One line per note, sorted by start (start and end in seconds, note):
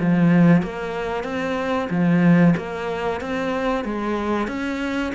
0.00 0.62 F3
0.62 1.24 A#3
1.24 1.88 C4
1.90 2.55 F3
2.57 3.21 A#3
3.21 3.85 C4
3.85 4.48 G#3
4.48 5.12 C#4